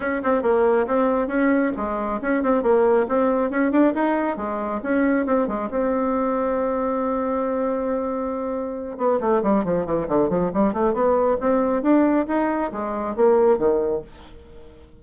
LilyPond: \new Staff \with { instrumentName = "bassoon" } { \time 4/4 \tempo 4 = 137 cis'8 c'8 ais4 c'4 cis'4 | gis4 cis'8 c'8 ais4 c'4 | cis'8 d'8 dis'4 gis4 cis'4 | c'8 gis8 c'2.~ |
c'1~ | c'8 b8 a8 g8 f8 e8 d8 f8 | g8 a8 b4 c'4 d'4 | dis'4 gis4 ais4 dis4 | }